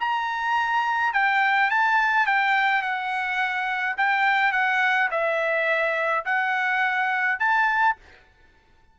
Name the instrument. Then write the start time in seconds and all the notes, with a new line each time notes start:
trumpet
0.00 A#5
1.13 G5
1.70 A5
2.26 G5
2.82 F#5
3.97 G5
4.52 F#5
5.11 E5
6.25 F#5
7.39 A5